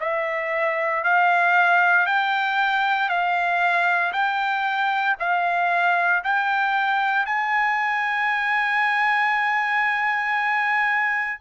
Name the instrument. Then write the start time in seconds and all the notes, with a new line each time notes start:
trumpet
0.00 E5
1.03 F5
2.05 G5
3.08 F5
4.12 G5
5.19 F5
6.23 G5
7.25 G#5